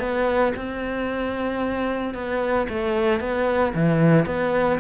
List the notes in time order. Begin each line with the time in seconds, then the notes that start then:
0.00 B3
0.56 C4
2.14 B3
2.69 A3
3.20 B3
3.75 E3
4.26 B3